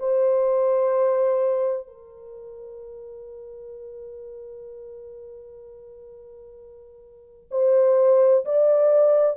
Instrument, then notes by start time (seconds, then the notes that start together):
horn
0.00 C5
1.87 A#4
7.51 C5
8.45 D5